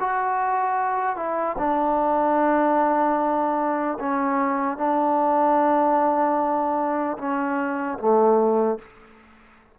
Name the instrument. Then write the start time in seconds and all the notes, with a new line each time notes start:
trombone
0.00 F#4
1.16 E4
1.59 D4
4.00 C#4
4.78 D4
7.19 C#4
7.99 A3